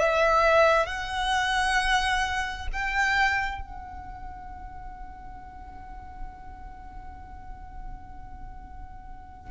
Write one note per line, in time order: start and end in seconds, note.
0.00 0.86 E5
0.86 2.68 F#5
2.73 3.62 G5
3.62 9.52 F#5